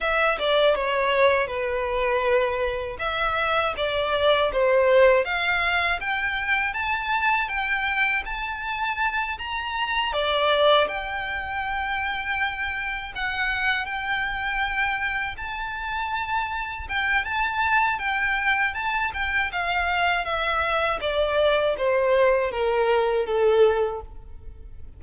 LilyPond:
\new Staff \with { instrumentName = "violin" } { \time 4/4 \tempo 4 = 80 e''8 d''8 cis''4 b'2 | e''4 d''4 c''4 f''4 | g''4 a''4 g''4 a''4~ | a''8 ais''4 d''4 g''4.~ |
g''4. fis''4 g''4.~ | g''8 a''2 g''8 a''4 | g''4 a''8 g''8 f''4 e''4 | d''4 c''4 ais'4 a'4 | }